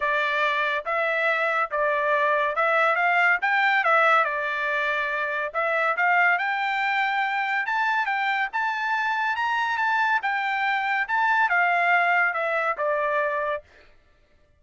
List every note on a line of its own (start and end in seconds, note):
0.00 0.84 D5
0.85 1.70 E5
1.70 2.55 D5
2.55 2.95 E5
2.95 3.38 F5
3.41 3.84 G5
3.84 4.24 E5
4.24 5.52 D5
5.53 5.96 E5
5.96 6.38 F5
6.38 7.66 G5
7.66 8.06 A5
8.06 8.48 G5
8.52 9.36 A5
9.36 9.77 A#5
9.77 10.20 A5
10.22 11.07 G5
11.08 11.49 A5
11.49 12.33 F5
12.33 12.76 E5
12.77 13.62 D5